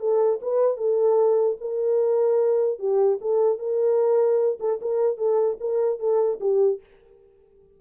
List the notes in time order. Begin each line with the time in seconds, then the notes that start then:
0.00 A4
0.42 B4
0.77 A4
1.61 A#4
2.79 G4
3.21 A4
3.59 A#4
4.60 A4
4.81 A#4
5.17 A4
5.60 A#4
5.99 A4
6.41 G4